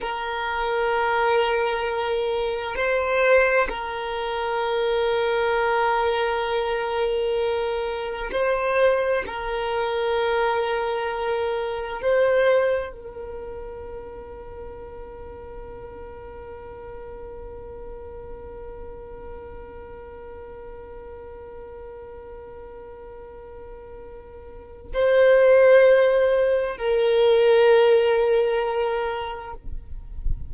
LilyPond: \new Staff \with { instrumentName = "violin" } { \time 4/4 \tempo 4 = 65 ais'2. c''4 | ais'1~ | ais'4 c''4 ais'2~ | ais'4 c''4 ais'2~ |
ais'1~ | ais'1~ | ais'2. c''4~ | c''4 ais'2. | }